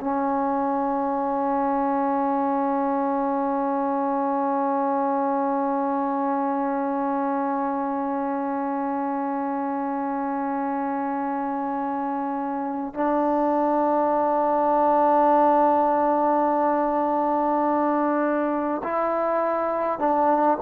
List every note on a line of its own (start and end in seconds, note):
0.00 12.94 C#4
12.94 18.82 D4
18.83 19.98 E4
19.98 20.57 D4